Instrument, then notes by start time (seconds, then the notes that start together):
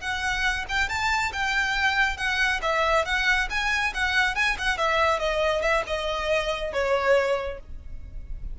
violin
0.00 F#5
0.68 G5
0.88 A5
1.32 G5
2.17 F#5
2.62 E5
3.05 F#5
3.50 G#5
3.94 F#5
4.35 G#5
4.58 F#5
4.77 E5
5.19 D#5
5.61 E5
5.86 D#5
6.73 C#5